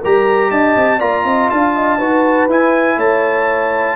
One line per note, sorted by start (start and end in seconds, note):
0.00 0.50 G3
0.00 1.00 G4
0.00 0.50 A#4
0.00 0.51 A#5
0.50 0.75 D4
0.50 0.99 D#5
0.50 1.00 A5
0.76 1.01 C4
0.99 1.24 A#3
0.99 1.99 F4
0.99 1.23 D5
0.99 1.49 A#5
1.24 1.49 C4
1.24 1.49 D#5
1.49 1.98 D4
1.49 1.74 F5
1.49 2.49 A5
1.75 1.98 D#5
1.98 2.48 D#4
1.98 2.49 F#4
1.98 2.97 B4
2.48 2.97 E4
2.48 3.95 E4
2.48 2.99 G#5
2.97 3.95 A3
2.97 3.95 C#5
2.97 3.95 A5